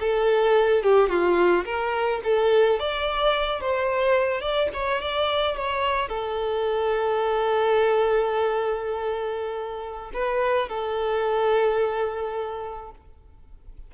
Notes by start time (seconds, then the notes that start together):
0.00 A4
0.83 G4
1.09 F4
1.65 A#4
2.24 A4
2.80 D5
3.61 C5
4.41 D5
4.73 C#5
5.01 D5
5.57 C#5
6.09 A4
10.14 B4
10.69 A4